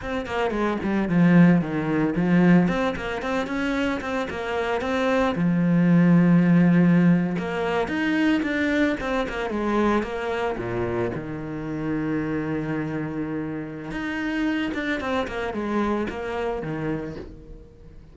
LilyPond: \new Staff \with { instrumentName = "cello" } { \time 4/4 \tempo 4 = 112 c'8 ais8 gis8 g8 f4 dis4 | f4 c'8 ais8 c'8 cis'4 c'8 | ais4 c'4 f2~ | f4.~ f16 ais4 dis'4 d'16~ |
d'8. c'8 ais8 gis4 ais4 ais,16~ | ais,8. dis2.~ dis16~ | dis2 dis'4. d'8 | c'8 ais8 gis4 ais4 dis4 | }